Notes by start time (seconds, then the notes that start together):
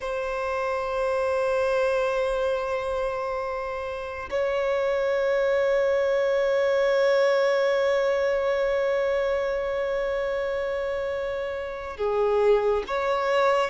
0.00 C5
4.29 C#5
11.97 G#4
12.87 C#5